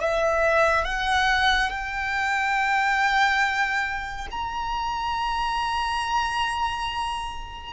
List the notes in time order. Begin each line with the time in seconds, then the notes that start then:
0.00 E5
0.85 F#5
1.70 G5
4.31 A#5